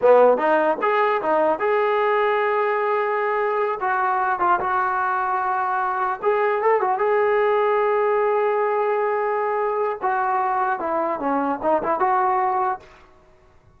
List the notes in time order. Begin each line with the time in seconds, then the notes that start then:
0.01 B3
0.37 D#4
0.81 G#4
1.21 D#4
1.59 G#4
3.80 F#4
4.39 F4
4.60 F#4
6.22 G#4
6.61 A4
6.80 F#4
6.98 G#4
10.02 F#4
10.79 E4
11.19 C#4
11.62 D#4
11.83 E4
11.99 F#4